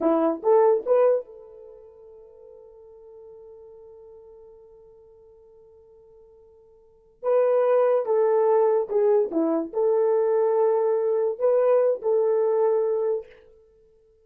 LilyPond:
\new Staff \with { instrumentName = "horn" } { \time 4/4 \tempo 4 = 145 e'4 a'4 b'4 a'4~ | a'1~ | a'1~ | a'1~ |
a'4. b'2 a'8~ | a'4. gis'4 e'4 a'8~ | a'2.~ a'8 b'8~ | b'4 a'2. | }